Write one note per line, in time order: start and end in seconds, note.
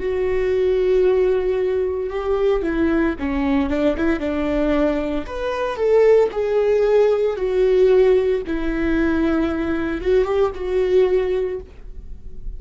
0.00 2.11 F#4
2.11 2.63 G4
2.63 3.16 E4
3.20 3.70 C#4
3.70 3.96 D4
3.97 4.20 E4
4.20 5.25 D4
5.27 5.77 B4
5.77 6.30 A4
6.32 7.37 G#4
7.37 8.42 F#4
8.47 10.01 E4
10.01 10.25 F#4
10.25 10.52 G4
10.56 11.61 F#4